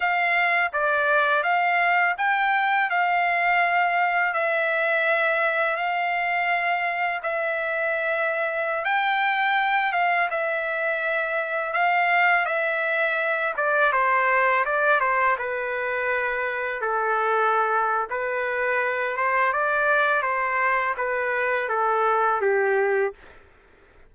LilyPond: \new Staff \with { instrumentName = "trumpet" } { \time 4/4 \tempo 4 = 83 f''4 d''4 f''4 g''4 | f''2 e''2 | f''2 e''2~ | e''16 g''4. f''8 e''4.~ e''16~ |
e''16 f''4 e''4. d''8 c''8.~ | c''16 d''8 c''8 b'2 a'8.~ | a'4 b'4. c''8 d''4 | c''4 b'4 a'4 g'4 | }